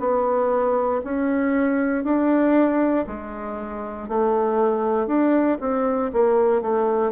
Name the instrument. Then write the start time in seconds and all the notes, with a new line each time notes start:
bassoon
0.00 B3
1.04 C#4
2.04 D4
3.07 G#3
4.09 A3
5.07 D4
5.60 C4
6.13 A#3
6.61 A3